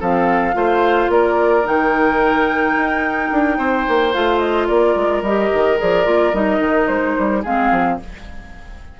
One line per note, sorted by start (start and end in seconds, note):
0.00 0.55 F3
0.00 0.53 C4
0.00 0.55 A4
0.00 1.11 F5
0.53 1.09 A3
0.53 1.63 F4
0.53 1.12 C5
1.09 1.64 A#3
1.09 3.58 A#4
1.09 1.67 D5
1.63 2.76 D#3
1.63 4.11 D#4
1.63 4.14 G5
2.76 3.31 D#4
3.31 3.58 D4
3.58 3.86 C4
3.58 4.68 C5
3.88 4.15 A#3
4.13 4.70 A3
4.13 5.24 F4
4.13 4.39 F5
4.39 4.67 D#5
4.68 4.95 A#3
4.68 7.42 A#4
4.68 5.23 D5
4.95 5.22 G#3
5.22 5.50 G3
5.22 5.78 G4
5.22 5.78 D#5
5.54 5.81 D#3
5.78 6.07 F3
5.78 6.05 G#4
5.78 6.35 D5
6.05 6.34 A#3
6.05 6.32 F4
6.33 6.60 G3
6.33 7.44 D#4
6.33 6.88 D#5
6.60 6.87 D#3
6.88 7.16 G#3
6.88 7.43 C5
7.19 7.45 G3
7.42 7.71 G#3
7.42 8.00 C4
7.42 7.97 G#4
7.42 8.00 F5
7.71 7.99 F3